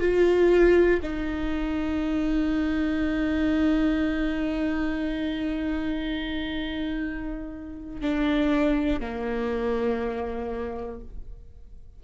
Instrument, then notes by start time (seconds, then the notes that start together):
viola
0.00 F4
1.02 D#4
8.00 D4
9.00 A#3